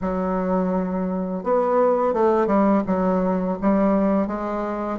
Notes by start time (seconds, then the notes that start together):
0.01 F#3
1.43 B3
2.13 A3
2.46 G3
2.86 F#3
3.61 G3
4.27 G#3